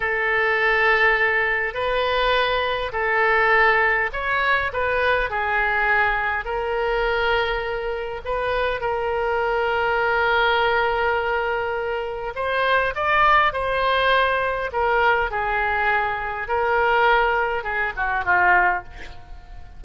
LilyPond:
\new Staff \with { instrumentName = "oboe" } { \time 4/4 \tempo 4 = 102 a'2. b'4~ | b'4 a'2 cis''4 | b'4 gis'2 ais'4~ | ais'2 b'4 ais'4~ |
ais'1~ | ais'4 c''4 d''4 c''4~ | c''4 ais'4 gis'2 | ais'2 gis'8 fis'8 f'4 | }